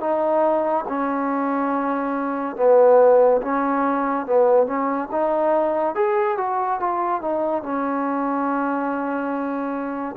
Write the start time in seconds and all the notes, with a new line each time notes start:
0.00 D#4
0.88 C#4
2.56 B3
3.41 C#4
4.26 B3
4.66 C#4
5.11 D#4
5.95 G#4
6.37 F#4
6.80 F4
7.21 D#4
7.62 C#4